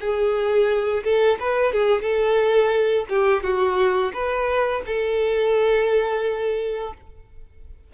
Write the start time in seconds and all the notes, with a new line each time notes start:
0.00 G#4
1.03 A4
1.39 B4
1.73 G#4
2.02 A4
3.09 G4
3.43 F#4
4.13 B4
4.86 A4